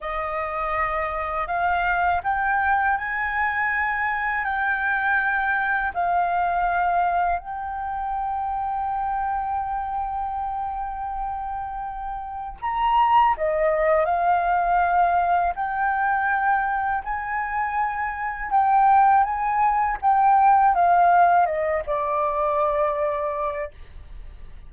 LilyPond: \new Staff \with { instrumentName = "flute" } { \time 4/4 \tempo 4 = 81 dis''2 f''4 g''4 | gis''2 g''2 | f''2 g''2~ | g''1~ |
g''4 ais''4 dis''4 f''4~ | f''4 g''2 gis''4~ | gis''4 g''4 gis''4 g''4 | f''4 dis''8 d''2~ d''8 | }